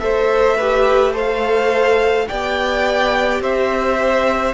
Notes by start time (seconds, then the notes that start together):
0.00 A3 A4 C5 E5
0.58 G4 B4
1.13 A4 C5 F5
2.28 B3 G4 D5 G5
3.40 C4 C5 E5